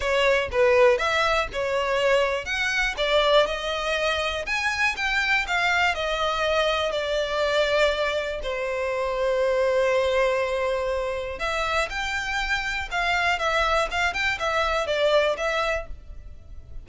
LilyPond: \new Staff \with { instrumentName = "violin" } { \time 4/4 \tempo 4 = 121 cis''4 b'4 e''4 cis''4~ | cis''4 fis''4 d''4 dis''4~ | dis''4 gis''4 g''4 f''4 | dis''2 d''2~ |
d''4 c''2.~ | c''2. e''4 | g''2 f''4 e''4 | f''8 g''8 e''4 d''4 e''4 | }